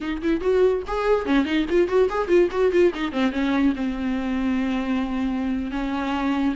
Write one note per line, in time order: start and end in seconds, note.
0.00 0.21 D#4
0.21 0.41 E4
0.41 0.82 F#4
0.87 1.25 G#4
1.25 1.45 C#4
1.45 1.66 D#4
1.69 1.87 F4
1.87 2.08 F#4
2.09 2.27 G#4
2.27 2.48 F4
2.51 2.72 F#4
2.72 2.92 F4
2.94 3.12 D#4
3.12 3.31 C4
3.31 3.73 C#4
3.75 5.71 C4
5.71 6.54 C#4